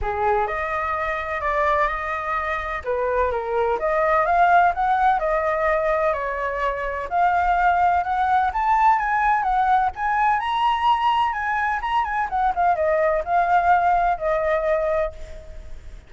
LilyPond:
\new Staff \with { instrumentName = "flute" } { \time 4/4 \tempo 4 = 127 gis'4 dis''2 d''4 | dis''2 b'4 ais'4 | dis''4 f''4 fis''4 dis''4~ | dis''4 cis''2 f''4~ |
f''4 fis''4 a''4 gis''4 | fis''4 gis''4 ais''2 | gis''4 ais''8 gis''8 fis''8 f''8 dis''4 | f''2 dis''2 | }